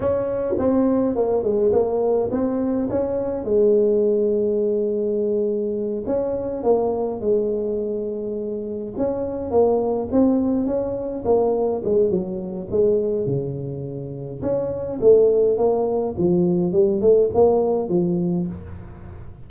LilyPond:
\new Staff \with { instrumentName = "tuba" } { \time 4/4 \tempo 4 = 104 cis'4 c'4 ais8 gis8 ais4 | c'4 cis'4 gis2~ | gis2~ gis8 cis'4 ais8~ | ais8 gis2. cis'8~ |
cis'8 ais4 c'4 cis'4 ais8~ | ais8 gis8 fis4 gis4 cis4~ | cis4 cis'4 a4 ais4 | f4 g8 a8 ais4 f4 | }